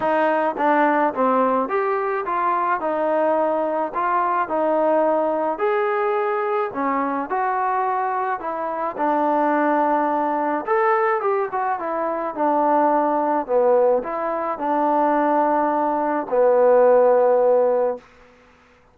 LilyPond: \new Staff \with { instrumentName = "trombone" } { \time 4/4 \tempo 4 = 107 dis'4 d'4 c'4 g'4 | f'4 dis'2 f'4 | dis'2 gis'2 | cis'4 fis'2 e'4 |
d'2. a'4 | g'8 fis'8 e'4 d'2 | b4 e'4 d'2~ | d'4 b2. | }